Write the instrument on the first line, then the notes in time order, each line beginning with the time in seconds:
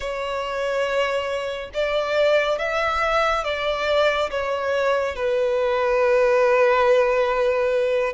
violin
0.00 C#5
1.73 D5
2.58 E5
3.44 D5
4.30 C#5
5.15 B4